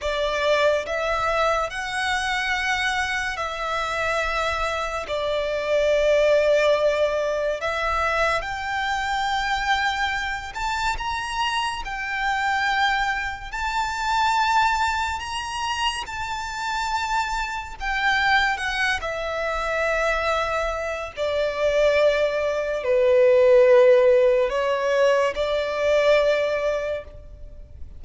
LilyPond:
\new Staff \with { instrumentName = "violin" } { \time 4/4 \tempo 4 = 71 d''4 e''4 fis''2 | e''2 d''2~ | d''4 e''4 g''2~ | g''8 a''8 ais''4 g''2 |
a''2 ais''4 a''4~ | a''4 g''4 fis''8 e''4.~ | e''4 d''2 b'4~ | b'4 cis''4 d''2 | }